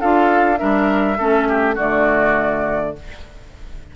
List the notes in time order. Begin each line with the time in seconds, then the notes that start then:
0.00 D4 F4 A4 F5
0.57 G3 D4 A#4 E5
1.18 A3 C#4 A4
1.48 G4
1.74 D3 A3 F#4 D5